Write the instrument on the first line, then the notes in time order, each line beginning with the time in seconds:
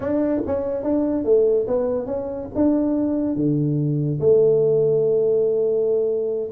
tuba
0.00 D4
0.46 C#4
0.83 D4
1.24 A3
1.67 B3
2.06 C#4
2.55 D4
3.35 D3
4.19 A3